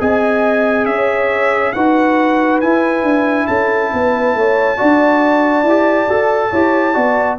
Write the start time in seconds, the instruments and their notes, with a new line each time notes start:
0.00 tuba C4, trombone G#4, horn D#5, trumpet G#5
0.86 tuba C#4, horn C#5, trumpet E5
1.73 tuba D#4, trombone F#4, horn B4, trumpet F#5
2.61 tuba E4, trombone E4, trumpet G#5
3.03 tuba D4
3.47 tuba C#4, horn A4, trumpet A5
3.94 tuba B3, horn B4
4.35 tuba A3, horn C#5
4.78 tuba D4, trombone F#4, horn D5
5.64 tuba E4, trombone G4
6.09 tuba F#4, trombone A4
6.51 tuba E4, trombone G4, horn C#5
6.94 tuba B3, trombone F#4, horn D5